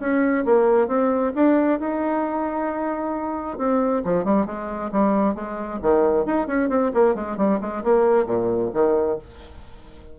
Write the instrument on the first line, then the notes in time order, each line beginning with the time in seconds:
bassoon
0.00 C#4
0.45 A#3
0.88 C4
1.35 D4
1.80 D#4
3.58 C4
4.04 F3
4.25 G3
4.46 G#3
4.92 G3
5.35 G#3
5.82 D#3
6.25 D#4
6.47 C#4
6.69 C4
6.94 A#3
7.15 G#3
7.37 G3
7.61 G#3
7.84 A#3
8.26 A#2
8.74 D#3